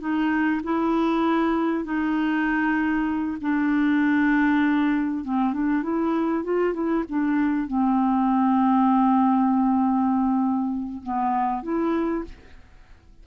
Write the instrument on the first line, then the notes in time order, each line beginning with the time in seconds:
clarinet
0.00 D#4
0.63 E4
1.85 D#4
3.41 D4
5.24 C4
5.53 D4
5.83 E4
6.44 F4
6.73 E4
7.09 D4
7.67 C4
11.03 B3
11.63 E4